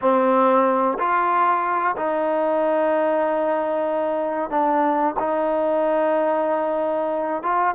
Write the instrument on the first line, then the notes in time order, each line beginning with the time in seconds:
trombone
0.01 C4
0.99 F4
1.96 D#4
4.50 D4
5.19 D#4
7.42 F4